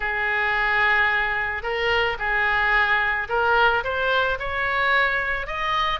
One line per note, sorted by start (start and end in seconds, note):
0.00 1.62 G#4
1.62 2.17 A#4
2.18 3.28 G#4
3.29 3.83 A#4
3.83 4.38 C5
4.39 5.46 C#5
5.46 6.00 D#5